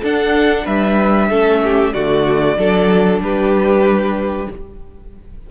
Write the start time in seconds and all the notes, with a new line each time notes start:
0.00 D4 A4 F#5
0.65 G3 B4 E5
1.30 A3 C#4 A4
1.64 G4
1.93 D3 A3 F#4 D5
2.58 F#3 D4 A4
3.20 G3 G4 B4